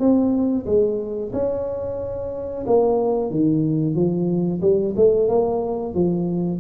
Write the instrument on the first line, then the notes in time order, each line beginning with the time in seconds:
tuba
0.00 C4
0.66 G#3
1.33 C#4
2.67 A#3
3.31 D#3
3.95 F3
4.62 G3
4.97 A3
5.29 A#3
5.95 F3